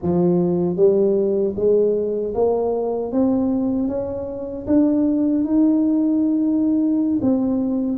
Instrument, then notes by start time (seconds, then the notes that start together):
tuba
0.02 F3
0.76 G3
1.56 G#3
2.34 A#3
3.12 C4
3.87 C#4
4.66 D4
5.44 D#4
7.21 C4